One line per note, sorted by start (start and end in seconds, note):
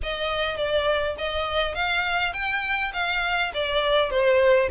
0.03 0.56 D#5
0.56 1.15 D5
1.17 1.75 D#5
1.75 2.33 F5
2.33 2.91 G5
2.93 3.52 F5
3.54 4.10 D5
4.10 4.69 C5